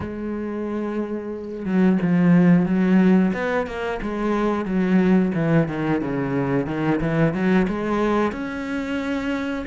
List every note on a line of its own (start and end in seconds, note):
0.00 1.65 G#3
1.65 1.98 F#3
2.02 2.65 F3
2.65 3.32 F#3
3.33 3.66 B3
3.66 4.00 A#3
4.02 4.65 G#3
4.65 5.32 F#3
5.34 5.68 E3
5.68 6.01 D#3
6.01 6.66 C#3
6.66 6.99 D#3
7.00 7.33 E3
7.33 7.67 F#3
7.68 8.32 G#3
8.32 9.65 C#4